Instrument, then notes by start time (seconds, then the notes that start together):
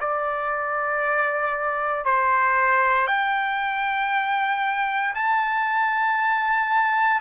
trumpet
0.00 D5
2.05 C5
3.07 G5
5.15 A5